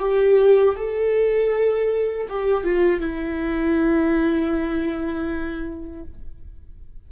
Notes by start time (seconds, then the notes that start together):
0.00 G4
0.76 A4
2.30 G4
2.64 F4
3.01 E4